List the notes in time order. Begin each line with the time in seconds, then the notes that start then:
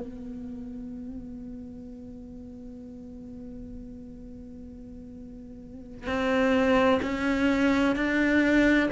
0.00 B3
6.06 C4
7.02 C#4
7.95 D4